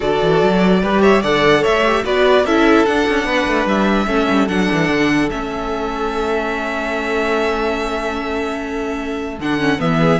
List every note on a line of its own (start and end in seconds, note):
0.00 0.21 D3
0.00 0.81 F#4
0.00 0.80 A4
0.00 1.02 D5
0.22 0.42 E3
0.42 0.82 F#3
0.82 1.23 G3
0.82 1.23 G4
0.82 1.01 B4
1.01 1.21 C#5
1.01 1.22 E5
1.21 1.64 D3
1.21 1.84 A4
1.21 1.61 D5
1.21 1.63 F#5
1.61 2.04 A3
1.61 2.02 C#5
1.61 2.05 E5
1.86 2.04 G4
2.04 2.44 B3
2.04 2.45 F#4
2.04 2.45 B4
2.04 2.45 D5
2.44 2.85 C#4
2.44 2.86 E4
2.44 3.26 A4
2.44 2.85 E5
2.85 4.06 D4
2.85 3.07 D4
2.85 3.67 F#5
3.08 3.25 C#4
3.25 3.45 B3
3.25 4.06 B4
3.46 3.65 A3
3.65 4.06 G3
3.65 4.47 E5
4.06 4.27 A3
4.06 4.47 C#4
4.06 9.97 A4
4.29 4.48 G3
4.47 4.68 F#3
4.47 5.30 D4
4.47 5.29 F#5
4.72 4.88 E3
4.88 5.29 D3
5.29 9.39 A3
5.29 9.39 C#4
5.29 9.38 E5
9.39 9.80 D3
9.39 9.60 D4
9.39 9.80 F#5
9.60 9.78 C#4
9.78 10.20 E3
9.78 10.19 B3
9.78 10.20 E5
10.00 10.20 G#4